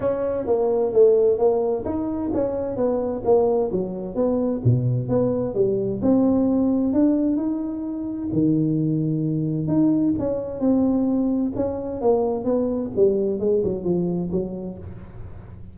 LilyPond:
\new Staff \with { instrumentName = "tuba" } { \time 4/4 \tempo 4 = 130 cis'4 ais4 a4 ais4 | dis'4 cis'4 b4 ais4 | fis4 b4 b,4 b4 | g4 c'2 d'4 |
dis'2 dis2~ | dis4 dis'4 cis'4 c'4~ | c'4 cis'4 ais4 b4 | g4 gis8 fis8 f4 fis4 | }